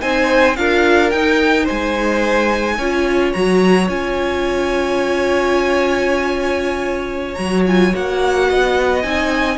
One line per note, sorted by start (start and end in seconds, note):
0.00 0.58 C4
0.00 0.56 D#4
0.00 0.58 C5
0.00 0.56 G#5
0.56 1.13 D4
0.56 1.12 F4
0.56 1.64 A#4
0.56 1.11 F5
1.11 1.69 D#4
1.11 2.81 D#4
1.11 1.66 G5
1.64 2.75 C5
1.64 3.33 G#5
1.71 2.79 G#3
2.78 3.34 C#4
2.78 3.36 F4
2.78 8.48 C#5
3.33 3.89 F#3
3.33 3.89 F#4
3.33 3.88 A#5
3.89 7.36 C#4
3.89 7.37 F4
3.89 7.35 G#5
7.35 7.94 F#3
7.35 7.65 F#4
7.35 7.62 A#5
7.67 7.92 F4
7.67 7.95 G#5
7.92 8.51 A#3
7.92 9.03 F#4
7.92 9.02 F#5
8.49 9.04 B3
8.49 9.58 D#5
9.02 9.58 C4
9.02 9.58 D#4
9.02 9.58 G#5